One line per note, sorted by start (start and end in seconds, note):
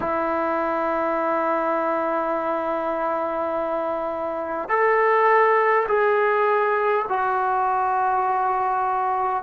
0.00 4.68 E4
4.68 5.86 A4
5.88 7.05 G#4
7.09 9.43 F#4